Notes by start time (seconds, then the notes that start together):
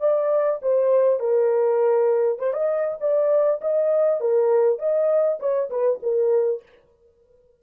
0.00 D5
0.62 C5
1.20 A#4
2.39 C5
2.53 D#5
3.00 D5
3.61 D#5
4.20 A#4
4.79 D#5
5.39 C#5
5.70 B4
6.02 A#4